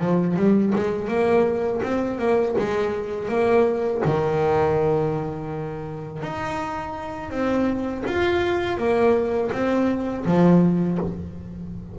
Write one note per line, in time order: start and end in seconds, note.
0.00 0.37 F3
0.37 0.73 G3
0.75 1.08 G#3
1.08 1.81 A#3
1.83 2.19 C4
2.19 2.55 A#3
2.58 3.29 G#3
3.29 4.02 A#3
4.05 6.23 D#3
6.23 7.30 D#4
7.30 8.04 C4
8.07 8.78 F4
8.78 9.51 A#3
9.52 10.25 C4
10.25 10.98 F3